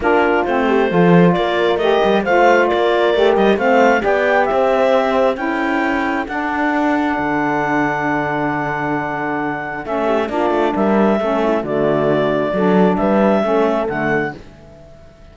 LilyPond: <<
  \new Staff \with { instrumentName = "clarinet" } { \time 4/4 \tempo 4 = 134 ais'4 c''2 d''4 | dis''4 f''4 d''4. dis''8 | f''4 g''4 e''2 | g''2 fis''2~ |
fis''1~ | fis''2 e''4 d''4 | e''2 d''2~ | d''4 e''2 fis''4 | }
  \new Staff \with { instrumentName = "horn" } { \time 4/4 f'4. g'8 a'4 ais'4~ | ais'4 c''4 ais'2 | c''4 d''4 c''2 | a'1~ |
a'1~ | a'2~ a'8 g'8 f'4 | ais'4 a'8 e'8 fis'2 | a'4 b'4 a'2 | }
  \new Staff \with { instrumentName = "saxophone" } { \time 4/4 d'4 c'4 f'2 | g'4 f'2 g'4 | c'4 g'2. | e'2 d'2~ |
d'1~ | d'2 cis'4 d'4~ | d'4 cis'4 a2 | d'2 cis'4 a4 | }
  \new Staff \with { instrumentName = "cello" } { \time 4/4 ais4 a4 f4 ais4 | a8 g8 a4 ais4 a8 g8 | a4 b4 c'2 | cis'2 d'2 |
d1~ | d2 a4 ais8 a8 | g4 a4 d2 | fis4 g4 a4 d4 | }
>>